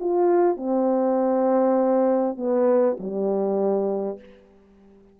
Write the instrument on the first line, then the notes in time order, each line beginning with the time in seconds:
horn
0.00 F4
0.57 C4
2.37 B3
3.00 G3